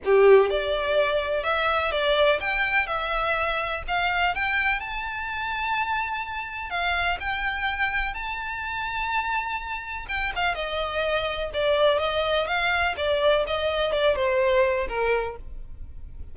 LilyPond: \new Staff \with { instrumentName = "violin" } { \time 4/4 \tempo 4 = 125 g'4 d''2 e''4 | d''4 g''4 e''2 | f''4 g''4 a''2~ | a''2 f''4 g''4~ |
g''4 a''2.~ | a''4 g''8 f''8 dis''2 | d''4 dis''4 f''4 d''4 | dis''4 d''8 c''4. ais'4 | }